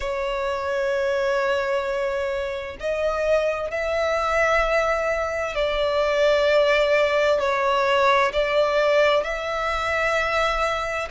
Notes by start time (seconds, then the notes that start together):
0.00 C#5
2.79 D#5
3.70 E5
5.55 D5
7.39 C#5
8.32 D5
9.23 E5